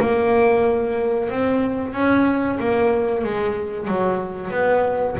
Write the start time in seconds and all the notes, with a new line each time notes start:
0.00 A#3
1.30 C4
1.94 C#4
2.60 A#3
3.24 G#3
3.88 F#3
4.51 B3